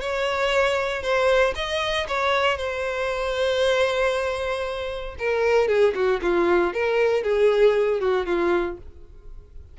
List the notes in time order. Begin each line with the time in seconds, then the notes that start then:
0.00 C#5
1.02 C5
1.55 D#5
2.08 C#5
2.57 C5
5.18 A#4
5.68 G#4
5.94 F#4
6.22 F4
6.74 A#4
7.23 G#4
8.00 F#4
8.26 F4